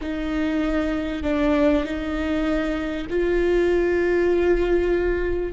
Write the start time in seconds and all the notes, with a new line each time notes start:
0.01 D#4
1.22 D4
1.84 D#4
3.09 F4